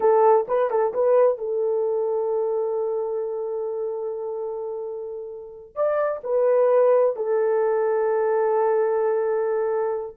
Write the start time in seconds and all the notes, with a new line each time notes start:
0.00 A4
0.47 B4
0.70 A4
0.93 B4
1.38 A4
5.75 D5
6.23 B4
7.15 A4